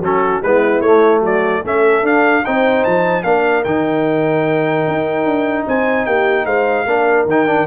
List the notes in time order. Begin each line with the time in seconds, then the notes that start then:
0.00 F#3 C#4 F#4 A4
0.43 G#3 B3 E4 B4
0.81 A3 C#5
1.21 F#3 F#4 D5
1.64 A3 C#4 A4 E5
2.03 D4 F5
2.45 C4 D#4 C5 G5
2.85 F3 A5
3.24 A#3 D4 A#4 F5
3.65 D#3 D#4 G5
4.88 D#4
5.26 D4
5.68 C4 C5 G#5
6.06 A#3 G4 G5
6.45 G#3 C5 F5
6.86 A#3 D4 A#4
7.26 D#3 D#4 G5
7.47 D4